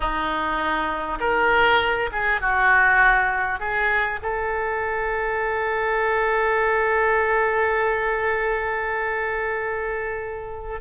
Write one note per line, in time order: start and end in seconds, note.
0.00 1.18 D#4
1.20 2.10 A#4
2.12 2.40 G#4
2.40 3.59 F#4
3.59 4.19 G#4
4.22 10.81 A4